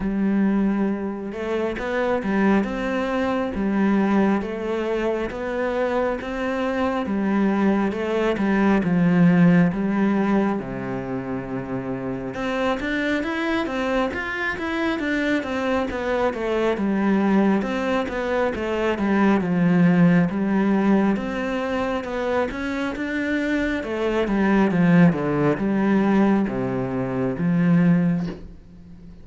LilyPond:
\new Staff \with { instrumentName = "cello" } { \time 4/4 \tempo 4 = 68 g4. a8 b8 g8 c'4 | g4 a4 b4 c'4 | g4 a8 g8 f4 g4 | c2 c'8 d'8 e'8 c'8 |
f'8 e'8 d'8 c'8 b8 a8 g4 | c'8 b8 a8 g8 f4 g4 | c'4 b8 cis'8 d'4 a8 g8 | f8 d8 g4 c4 f4 | }